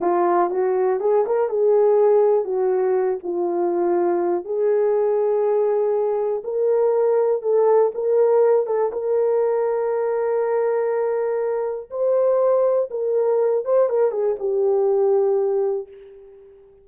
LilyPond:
\new Staff \with { instrumentName = "horn" } { \time 4/4 \tempo 4 = 121 f'4 fis'4 gis'8 ais'8 gis'4~ | gis'4 fis'4. f'4.~ | f'4 gis'2.~ | gis'4 ais'2 a'4 |
ais'4. a'8 ais'2~ | ais'1 | c''2 ais'4. c''8 | ais'8 gis'8 g'2. | }